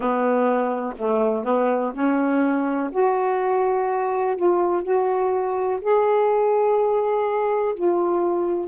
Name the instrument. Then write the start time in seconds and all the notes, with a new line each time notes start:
saxophone
0.00 B3
0.97 A3
1.44 B3
1.93 C#4
2.91 F#4
4.36 F4
4.83 F#4
5.81 G#4
7.74 F4